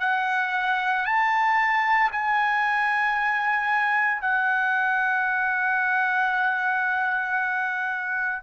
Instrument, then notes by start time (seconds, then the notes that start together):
trumpet
0.00 F#5
1.05 A5
2.12 G#5
4.21 F#5